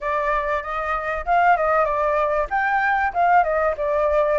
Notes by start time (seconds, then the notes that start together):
0.00 D5
0.62 D#5
1.25 F5
1.56 D#5
1.84 D5
2.50 G5
3.13 F5
3.43 D#5
3.77 D5